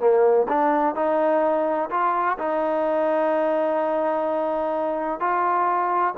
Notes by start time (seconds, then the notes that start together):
0.00 A#3
0.49 D4
0.95 D#4
1.91 F4
2.39 D#4
5.20 F4